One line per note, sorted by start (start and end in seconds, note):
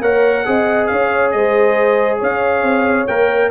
0.00 0.44 A#3
0.00 0.45 A#4
0.00 0.45 C#5
0.00 0.86 F#5
0.45 0.91 C4
0.45 3.07 G#4
0.45 0.91 D#5
0.86 1.33 C#4
0.86 1.35 C#5
0.86 1.30 F5
1.31 2.21 G#3
1.31 2.18 C5
1.31 2.18 D#5
2.18 2.62 C#4
2.18 3.50 C#5
2.18 3.07 F5
2.62 3.06 C4
3.07 3.50 A#3
3.07 3.50 A#4
3.07 3.50 G5